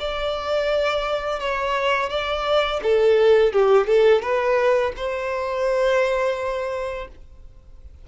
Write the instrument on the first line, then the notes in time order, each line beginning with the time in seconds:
violin
0.00 D5
1.40 C#5
2.10 D5
2.83 A4
3.53 G4
3.87 A4
4.22 B4
4.97 C5